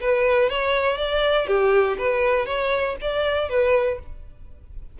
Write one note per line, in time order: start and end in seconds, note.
0.00 0.49 B4
0.49 0.97 C#5
0.97 1.47 D5
1.47 1.97 G4
1.97 2.46 B4
2.46 2.96 C#5
3.01 3.49 D5
3.49 3.99 B4